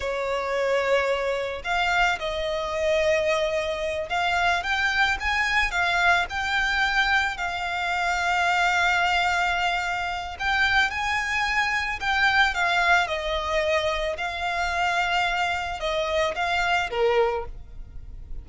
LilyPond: \new Staff \with { instrumentName = "violin" } { \time 4/4 \tempo 4 = 110 cis''2. f''4 | dis''2.~ dis''8 f''8~ | f''8 g''4 gis''4 f''4 g''8~ | g''4. f''2~ f''8~ |
f''2. g''4 | gis''2 g''4 f''4 | dis''2 f''2~ | f''4 dis''4 f''4 ais'4 | }